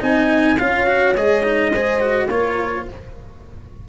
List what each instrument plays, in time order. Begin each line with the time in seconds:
0.00 tuba C4, cello D#4, horn D#5, trumpet G#5
0.58 tuba C#4, cello F4, horn C#5, trumpet F5
0.87 cello F#4
1.16 tuba G#3, cello G#4, trumpet D#5
1.43 cello D#4
1.73 cello G#4, horn C5
2.00 cello F#4
2.27 tuba A#3, cello F4, horn A#4, trumpet C#5